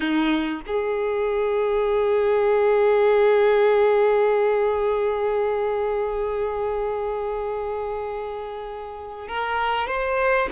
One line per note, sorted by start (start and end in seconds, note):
0.00 0.61 D#4
0.66 9.28 G#4
9.28 9.87 A#4
9.87 10.48 C5